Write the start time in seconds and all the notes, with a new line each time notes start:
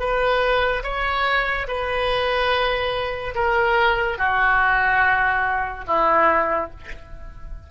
0.00 B4
0.84 C#5
1.68 B4
3.35 A#4
4.19 F#4
5.87 E4